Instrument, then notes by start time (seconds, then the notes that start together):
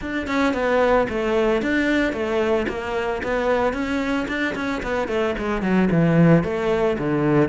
cello
0.01 D4
0.27 C#4
0.53 B3
1.09 A3
1.62 D4
2.12 A3
2.68 A#3
3.23 B3
3.73 C#4
4.28 D4
4.55 C#4
4.82 B3
5.08 A3
5.38 G#3
5.62 F#3
5.91 E3
6.43 A3
6.98 D3